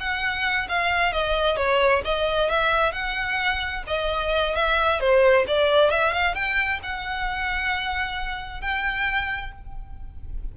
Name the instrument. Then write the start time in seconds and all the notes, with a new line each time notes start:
violin
0.00 F#5
0.69 F5
1.13 D#5
1.57 C#5
2.05 D#5
2.50 E5
2.93 F#5
3.87 D#5
4.56 E5
5.00 C5
5.48 D5
5.90 E5
6.13 F5
6.35 G5
6.83 F#5
8.61 G5